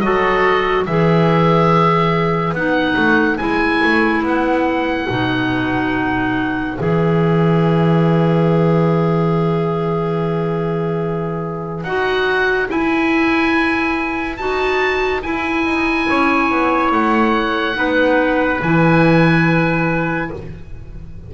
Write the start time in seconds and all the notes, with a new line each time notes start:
0.00 F#3 F#4 A4 D#5
0.85 E3 G#4 B4 E5
2.53 B3 D#4 F#5
2.96 A3
3.38 G#3 E4 G#5
3.84 A3
4.23 B3 F#5
5.09 B2 D#4
6.78 E3 G#4 E5
11.83 D#4 F#4 F#5
12.68 E4 G#5
14.37 D#4 F#4 A5
15.23 E4 G#5
15.65 D#4
16.10 C#4 C#5
16.51 B3
16.91 A3 F#5
17.74 B3 D#4 B4
18.62 E3 E4 G#5